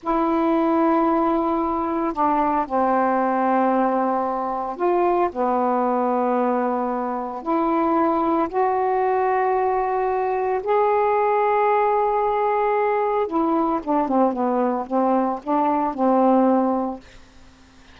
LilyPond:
\new Staff \with { instrumentName = "saxophone" } { \time 4/4 \tempo 4 = 113 e'1 | d'4 c'2.~ | c'4 f'4 b2~ | b2 e'2 |
fis'1 | gis'1~ | gis'4 e'4 d'8 c'8 b4 | c'4 d'4 c'2 | }